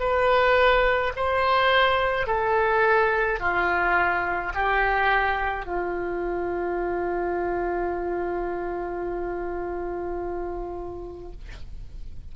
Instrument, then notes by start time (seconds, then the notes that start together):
oboe
0.00 B4
1.16 C5
2.27 A4
3.40 F4
4.54 G4
5.66 F4